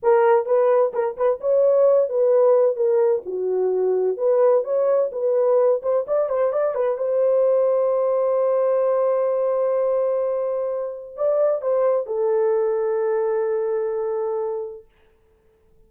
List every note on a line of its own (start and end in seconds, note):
0.02 0.45 A#4
0.45 0.92 B4
0.93 1.16 A#4
1.16 1.40 B4
1.40 2.09 C#5
2.09 2.75 B4
2.75 3.22 A#4
3.25 4.17 F#4
4.17 4.63 B4
4.64 5.10 C#5
5.12 5.81 B4
5.82 6.05 C5
6.07 6.29 D5
6.29 6.52 C5
6.52 6.74 D5
6.74 6.97 B4
6.97 11.16 C5
11.16 11.61 D5
11.61 12.06 C5
12.06 14.85 A4